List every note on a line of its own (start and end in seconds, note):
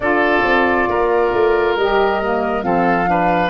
0.00 0.41 D4
0.00 1.78 F4
0.00 0.89 A4
0.00 1.74 D5
0.43 0.87 C4
0.88 1.32 A#3
0.88 2.65 A#4
1.33 1.76 A3
1.76 2.63 G3
1.76 2.22 G4
1.76 2.62 D#5
2.22 2.63 A#3
2.62 3.50 F3
2.62 3.06 C4
2.62 3.09 A4
2.62 3.50 F5
3.06 3.50 D4
3.06 3.50 B4